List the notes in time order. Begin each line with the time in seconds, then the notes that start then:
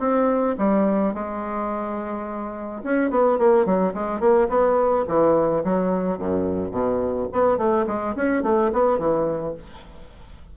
0.00 C4
0.58 G3
1.14 G#3
2.84 C#4
3.11 B3
3.39 A#3
3.66 F#3
3.95 G#3
4.21 A#3
4.49 B3
5.08 E3
5.65 F#3
6.19 F#2
6.72 B2
7.33 B3
7.58 A3
7.87 G#3
8.16 C#4
8.43 A3
8.73 B3
8.99 E3